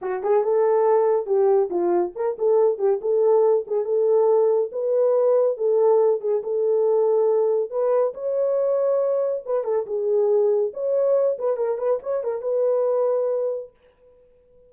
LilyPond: \new Staff \with { instrumentName = "horn" } { \time 4/4 \tempo 4 = 140 fis'8 gis'8 a'2 g'4 | f'4 ais'8 a'4 g'8 a'4~ | a'8 gis'8 a'2 b'4~ | b'4 a'4. gis'8 a'4~ |
a'2 b'4 cis''4~ | cis''2 b'8 a'8 gis'4~ | gis'4 cis''4. b'8 ais'8 b'8 | cis''8 ais'8 b'2. | }